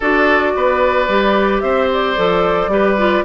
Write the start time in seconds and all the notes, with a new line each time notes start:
0.00 D4 F#4 A4 D5
0.55 B3 B4
1.08 G3 G4
1.60 C4 C5 E5
1.93 D5
2.17 F3 A4
2.67 G3 G4 B4
2.98 F4